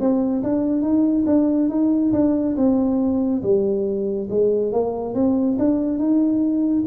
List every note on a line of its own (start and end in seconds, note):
0.00 0.43 C4
0.43 0.82 D4
0.82 1.25 D#4
1.27 1.69 D4
1.69 2.12 D#4
2.13 2.56 D4
2.57 3.43 C4
3.43 4.29 G3
4.30 4.73 G#3
4.73 5.15 A#3
5.15 5.58 C4
5.59 5.98 D4
5.98 6.84 D#4